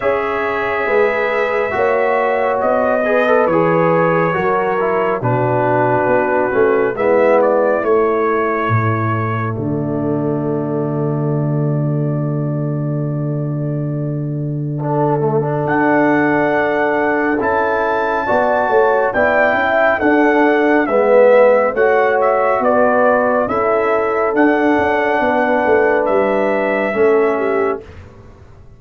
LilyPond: <<
  \new Staff \with { instrumentName = "trumpet" } { \time 4/4 \tempo 4 = 69 e''2. dis''4 | cis''2 b'2 | e''8 d''8 cis''2 d''4~ | d''1~ |
d''2 fis''2 | a''2 g''4 fis''4 | e''4 fis''8 e''8 d''4 e''4 | fis''2 e''2 | }
  \new Staff \with { instrumentName = "horn" } { \time 4/4 cis''4 b'4 cis''4. b'8~ | b'4 ais'4 fis'2 | e'2. fis'4~ | fis'1~ |
fis'4 a'2.~ | a'4 d''8 cis''8 d''8 e''8 a'4 | b'4 cis''4 b'4 a'4~ | a'4 b'2 a'8 g'8 | }
  \new Staff \with { instrumentName = "trombone" } { \time 4/4 gis'2 fis'4. gis'16 a'16 | gis'4 fis'8 e'8 d'4. cis'8 | b4 a2.~ | a1~ |
a4 d'8 a16 d'2~ d'16 | e'4 fis'4 e'4 d'4 | b4 fis'2 e'4 | d'2. cis'4 | }
  \new Staff \with { instrumentName = "tuba" } { \time 4/4 cis'4 gis4 ais4 b4 | e4 fis4 b,4 b8 a8 | gis4 a4 a,4 d4~ | d1~ |
d2 d'2 | cis'4 b8 a8 b8 cis'8 d'4 | gis4 a4 b4 cis'4 | d'8 cis'8 b8 a8 g4 a4 | }
>>